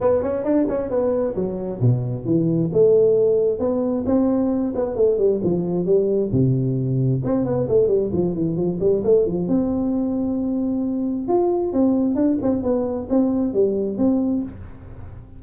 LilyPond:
\new Staff \with { instrumentName = "tuba" } { \time 4/4 \tempo 4 = 133 b8 cis'8 d'8 cis'8 b4 fis4 | b,4 e4 a2 | b4 c'4. b8 a8 g8 | f4 g4 c2 |
c'8 b8 a8 g8 f8 e8 f8 g8 | a8 f8 c'2.~ | c'4 f'4 c'4 d'8 c'8 | b4 c'4 g4 c'4 | }